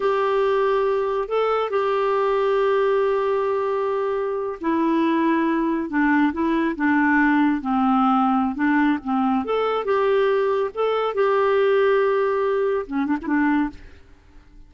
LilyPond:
\new Staff \with { instrumentName = "clarinet" } { \time 4/4 \tempo 4 = 140 g'2. a'4 | g'1~ | g'2~ g'8. e'4~ e'16~ | e'4.~ e'16 d'4 e'4 d'16~ |
d'4.~ d'16 c'2~ c'16 | d'4 c'4 a'4 g'4~ | g'4 a'4 g'2~ | g'2 cis'8 d'16 e'16 d'4 | }